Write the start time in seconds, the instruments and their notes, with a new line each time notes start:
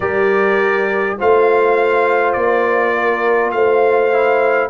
0.00 tuba G3, trombone G4, horn A#4, trumpet D5
1.18 tuba A3, trombone F4, horn C5, trumpet F5
2.32 tuba A#3, trumpet D5
2.95 horn A#4
3.51 tuba A3, horn C5, trumpet F5
4.12 trombone E4